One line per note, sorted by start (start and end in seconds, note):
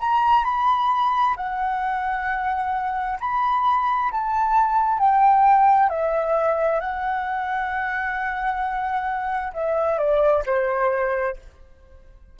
0.00 0.44 A#5
0.44 1.35 B5
1.37 3.19 F#5
3.21 4.12 B5
4.12 4.99 A5
4.99 5.90 G5
5.90 6.80 E5
6.80 9.53 F#5
9.54 9.98 E5
9.98 10.44 D5
10.46 11.37 C5